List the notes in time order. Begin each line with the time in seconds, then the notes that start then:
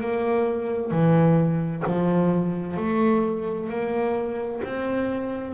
0.00 A#3
0.91 E3
1.86 F3
2.77 A3
3.69 A#3
4.64 C4